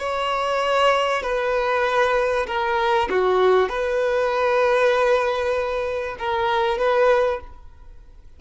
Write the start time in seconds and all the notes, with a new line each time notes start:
0.00 C#5
1.23 B4
2.47 A#4
3.10 F#4
3.69 B4
6.19 A#4
6.78 B4